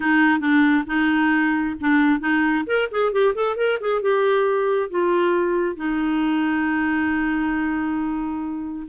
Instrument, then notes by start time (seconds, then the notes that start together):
clarinet
0.00 D#4
0.40 D4
0.86 D#4
1.80 D4
2.20 D#4
2.66 A#4
2.91 G#4
3.12 G4
3.34 A4
3.56 A#4
3.80 G#4
4.01 G4
4.90 F4
5.76 D#4